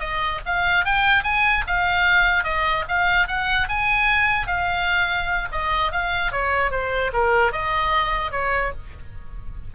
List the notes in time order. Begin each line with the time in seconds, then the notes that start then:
0.00 D#5
0.46 F5
0.86 G5
1.24 G#5
1.68 F5
2.44 D#5
2.89 F5
3.28 F#5
3.69 G#5
4.47 F5
5.52 D#5
5.92 F5
6.32 C#5
6.71 C5
7.14 A#4
7.53 D#5
8.32 C#5